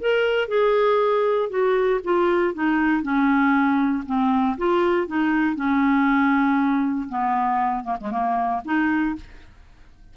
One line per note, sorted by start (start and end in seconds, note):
0.00 0.48 A#4
0.48 1.50 G#4
1.50 2.01 F#4
2.04 2.54 F4
2.54 3.03 D#4
3.03 4.04 C#4
4.06 4.57 C4
4.58 5.07 F4
5.07 5.56 D#4
5.56 7.08 C#4
7.09 7.84 B3
7.84 7.97 A#3
8.00 8.11 G#3
8.11 8.62 A#3
8.65 9.16 D#4